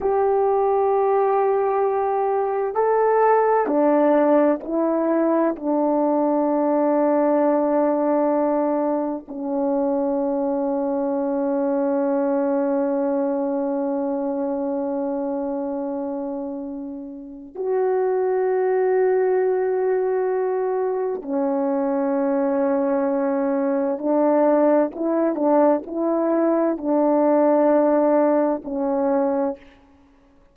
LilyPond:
\new Staff \with { instrumentName = "horn" } { \time 4/4 \tempo 4 = 65 g'2. a'4 | d'4 e'4 d'2~ | d'2 cis'2~ | cis'1~ |
cis'2. fis'4~ | fis'2. cis'4~ | cis'2 d'4 e'8 d'8 | e'4 d'2 cis'4 | }